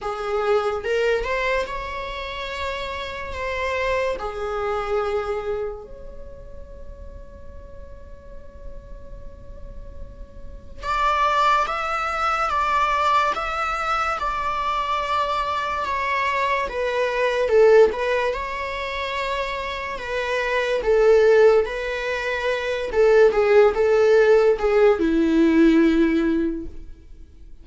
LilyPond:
\new Staff \with { instrumentName = "viola" } { \time 4/4 \tempo 4 = 72 gis'4 ais'8 c''8 cis''2 | c''4 gis'2 cis''4~ | cis''1~ | cis''4 d''4 e''4 d''4 |
e''4 d''2 cis''4 | b'4 a'8 b'8 cis''2 | b'4 a'4 b'4. a'8 | gis'8 a'4 gis'8 e'2 | }